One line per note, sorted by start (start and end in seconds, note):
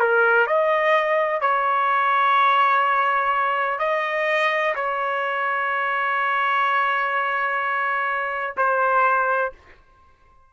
0.00 0.47 A#4
0.47 1.42 D#5
1.42 3.80 C#5
3.80 4.75 D#5
4.75 8.56 C#5
8.58 9.53 C5